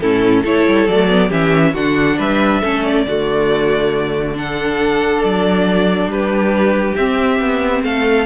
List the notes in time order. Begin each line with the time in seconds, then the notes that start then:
0.00 A2 C#4 E4 A4
0.42 A3 E4 A4 C#5
0.68 G3
0.87 F#3 A3 D5
1.08 B3
1.28 E3 C#4 G4 E5
1.73 D3 D4 F#4 F#5
2.18 G3 B4 E5
2.61 A3 C#4 A4
2.85 D5
3.06 D3 A3 F#4
4.35 D4 A4 F#5
5.23 F#3 D5
6.06 G3 G4 B4
6.96 C4 E5
7.40 B3
7.84 A3 A4 F5